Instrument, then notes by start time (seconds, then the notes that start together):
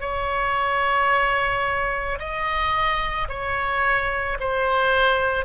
oboe
0.00 C#5
2.19 D#5
3.28 C#5
4.40 C5